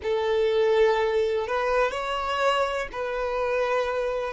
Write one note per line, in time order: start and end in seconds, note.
0.02 1.47 A4
1.47 1.91 B4
1.91 2.88 C#5
2.92 4.33 B4